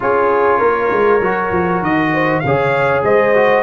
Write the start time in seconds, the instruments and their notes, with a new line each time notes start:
0.00 tuba C#4, trombone F4, horn G#4, trumpet C#5
0.59 tuba A#3, horn A#4
0.91 tuba G#3
1.21 tuba F#3, trombone F#4
1.51 tuba F3
1.81 tuba D#3, trumpet D#5
2.13 horn C5
2.39 tuba C#3, horn C#5, trumpet F5
2.46 trombone G#4
3.03 tuba G#3, horn C5, trumpet D#5
3.34 trombone F#4